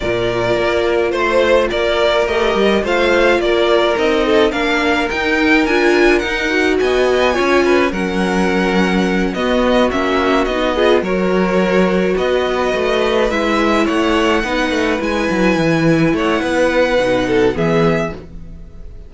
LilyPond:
<<
  \new Staff \with { instrumentName = "violin" } { \time 4/4 \tempo 4 = 106 d''2 c''4 d''4 | dis''4 f''4 d''4 dis''4 | f''4 g''4 gis''4 fis''4 | gis''2 fis''2~ |
fis''8 dis''4 e''4 dis''4 cis''8~ | cis''4. dis''2 e''8~ | e''8 fis''2 gis''4.~ | gis''8 fis''2~ fis''8 e''4 | }
  \new Staff \with { instrumentName = "violin" } { \time 4/4 ais'2 c''4 ais'4~ | ais'4 c''4 ais'4. a'8 | ais'1 | dis''4 cis''8 b'8 ais'2~ |
ais'8 fis'2~ fis'8 gis'8 ais'8~ | ais'4. b'2~ b'8~ | b'8 cis''4 b'2~ b'8~ | b'8 cis''8 b'4. a'8 gis'4 | }
  \new Staff \with { instrumentName = "viola" } { \time 4/4 f'1 | g'4 f'2 dis'4 | d'4 dis'4 f'4 dis'8 fis'8~ | fis'4 f'4 cis'2~ |
cis'8 b4 cis'4 dis'8 f'8 fis'8~ | fis'2.~ fis'8 e'8~ | e'4. dis'4 e'4.~ | e'2 dis'4 b4 | }
  \new Staff \with { instrumentName = "cello" } { \time 4/4 ais,4 ais4 a4 ais4 | a8 g8 a4 ais4 c'4 | ais4 dis'4 d'4 dis'4 | b4 cis'4 fis2~ |
fis8 b4 ais4 b4 fis8~ | fis4. b4 a4 gis8~ | gis8 a4 b8 a8 gis8 fis8 e8~ | e8 a8 b4 b,4 e4 | }
>>